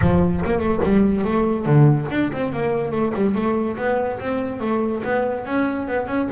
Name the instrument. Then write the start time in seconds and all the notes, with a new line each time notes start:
double bass
0.01 F3
0.45 A#3
0.58 A3
0.83 G3
1.24 A3
1.65 D3
2.10 D4
2.32 C4
2.52 A#3
2.91 A3
3.14 G3
3.35 A3
3.77 B3
4.19 C4
4.60 A3
5.03 B3
5.45 C#4
5.87 B3
6.07 C#4